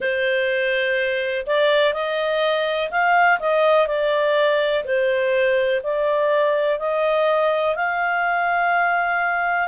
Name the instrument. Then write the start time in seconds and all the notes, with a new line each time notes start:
clarinet
0.00 C5
1.46 D5
1.94 D#5
2.90 F5
3.39 D#5
3.87 D5
4.84 C5
5.83 D5
6.79 D#5
7.75 F5